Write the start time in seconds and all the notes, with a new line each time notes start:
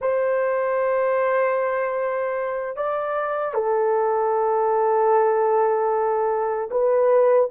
0.01 C5
2.76 D5
3.53 A4
6.71 B4